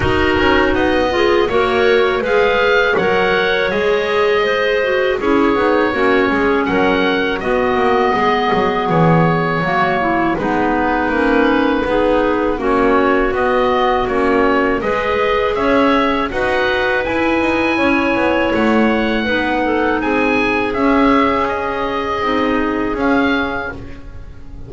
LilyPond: <<
  \new Staff \with { instrumentName = "oboe" } { \time 4/4 \tempo 4 = 81 ais'4 dis''4 cis''4 f''4 | fis''4 dis''2 cis''4~ | cis''4 fis''4 dis''2 | cis''2 b'2~ |
b'4 cis''4 dis''4 cis''4 | dis''4 e''4 fis''4 gis''4~ | gis''4 fis''2 gis''4 | e''4 dis''2 f''4 | }
  \new Staff \with { instrumentName = "clarinet" } { \time 4/4 fis'4. gis'8 ais'4 b'4 | cis''2 c''4 gis'4 | fis'8 gis'8 ais'4 fis'4 gis'4~ | gis'4 fis'8 e'8 dis'2 |
gis'4 fis'2. | b'4 cis''4 b'2 | cis''2 b'8 a'8 gis'4~ | gis'1 | }
  \new Staff \with { instrumentName = "clarinet" } { \time 4/4 dis'4. f'8 fis'4 gis'4 | ais'4 gis'4. fis'8 e'8 dis'8 | cis'2 b2~ | b4 ais4 b4 cis'4 |
dis'4 cis'4 b4 cis'4 | gis'2 fis'4 e'4~ | e'2 dis'2 | cis'2 dis'4 cis'4 | }
  \new Staff \with { instrumentName = "double bass" } { \time 4/4 dis'8 cis'8 b4 ais4 gis4 | fis4 gis2 cis'8 b8 | ais8 gis8 fis4 b8 ais8 gis8 fis8 | e4 fis4 gis4 ais4 |
b4 ais4 b4 ais4 | gis4 cis'4 dis'4 e'8 dis'8 | cis'8 b8 a4 b4 c'4 | cis'2 c'4 cis'4 | }
>>